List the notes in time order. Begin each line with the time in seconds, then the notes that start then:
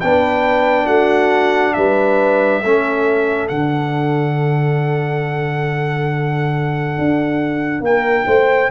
0.00 B3 D4 B4 G5
0.86 A3 F#4 F#5
1.73 G3 B4 E5
2.62 A3 C#4 A4
3.48 D3 D4 F#5
6.98 D4
7.80 A#3 A#4 G5
8.26 A3 C5